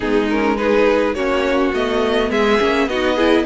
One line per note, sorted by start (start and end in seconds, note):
0.00 1.14 G#3
0.00 0.29 B3
0.00 0.58 D#4
0.00 0.28 G#4
0.29 0.57 C#4
0.29 0.57 A#4
0.57 1.15 D#4
0.57 1.15 G#4
0.57 1.14 B4
1.14 1.72 A#3
1.14 1.73 C#4
1.14 2.30 F#4
1.14 1.72 C#5
1.73 2.31 A3
1.73 2.59 B3
1.73 2.31 D#5
2.30 2.59 G#3
2.30 2.88 G#4
2.30 2.88 E5
2.59 2.87 A#3
2.59 2.88 C#4
2.87 3.44 B3
2.87 3.18 D#4
2.87 3.15 F#4
2.87 3.45 D#5
3.15 3.45 E4
3.15 3.44 G#4